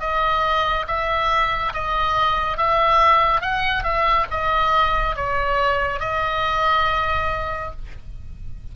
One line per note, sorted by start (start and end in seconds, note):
0.00 0.86 D#5
0.87 1.73 E5
1.73 2.57 D#5
2.57 3.41 E5
3.41 3.83 F#5
3.83 4.26 E5
4.31 5.16 D#5
5.16 6.00 C#5
6.00 7.71 D#5